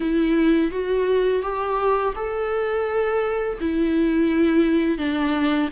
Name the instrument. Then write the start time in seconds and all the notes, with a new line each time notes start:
viola
0.00 E4
0.71 F#4
1.42 G4
2.15 A4
3.60 E4
4.97 D4